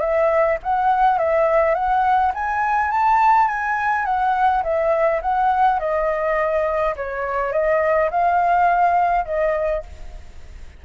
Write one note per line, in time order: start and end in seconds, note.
0.00 0.58 E5
0.63 1.18 F#5
1.18 1.74 E5
1.74 2.32 F#5
2.34 2.91 G#5
2.91 3.47 A5
3.47 4.05 G#5
4.05 4.63 F#5
4.63 5.21 E5
5.22 5.79 F#5
5.79 6.95 D#5
6.96 7.52 C#5
7.52 8.10 D#5
8.11 9.25 F5
9.25 9.83 D#5